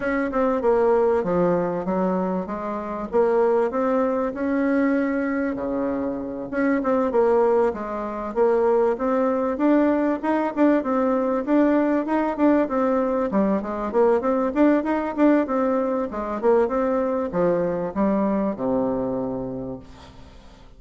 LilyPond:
\new Staff \with { instrumentName = "bassoon" } { \time 4/4 \tempo 4 = 97 cis'8 c'8 ais4 f4 fis4 | gis4 ais4 c'4 cis'4~ | cis'4 cis4. cis'8 c'8 ais8~ | ais8 gis4 ais4 c'4 d'8~ |
d'8 dis'8 d'8 c'4 d'4 dis'8 | d'8 c'4 g8 gis8 ais8 c'8 d'8 | dis'8 d'8 c'4 gis8 ais8 c'4 | f4 g4 c2 | }